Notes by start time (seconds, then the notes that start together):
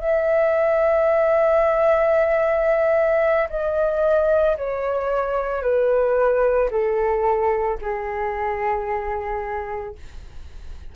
0.00 E5
3.49 D#5
4.57 C#5
5.62 B4
6.71 A4
7.81 G#4